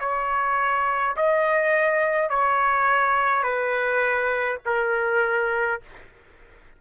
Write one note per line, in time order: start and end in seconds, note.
0.00 1.15 C#5
1.16 2.30 D#5
2.30 3.44 C#5
3.44 4.59 B4
4.66 5.81 A#4